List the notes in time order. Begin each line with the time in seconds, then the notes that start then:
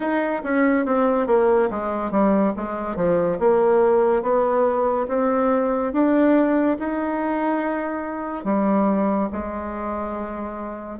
0.00 D#4
0.43 C#4
0.85 C4
1.27 A#3
1.70 G#3
2.11 G3
2.56 G#3
2.96 F3
3.39 A#3
4.22 B3
5.08 C4
5.92 D4
6.79 D#4
8.44 G3
9.32 G#3